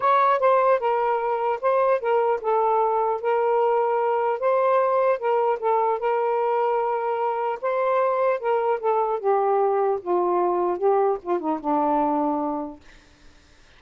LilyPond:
\new Staff \with { instrumentName = "saxophone" } { \time 4/4 \tempo 4 = 150 cis''4 c''4 ais'2 | c''4 ais'4 a'2 | ais'2. c''4~ | c''4 ais'4 a'4 ais'4~ |
ais'2. c''4~ | c''4 ais'4 a'4 g'4~ | g'4 f'2 g'4 | f'8 dis'8 d'2. | }